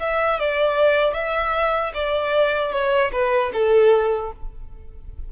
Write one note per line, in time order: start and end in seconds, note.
0.00 0.39 E5
0.39 1.14 D5
1.14 1.93 E5
1.94 2.72 D5
2.72 3.11 C#5
3.13 3.52 B4
3.53 4.32 A4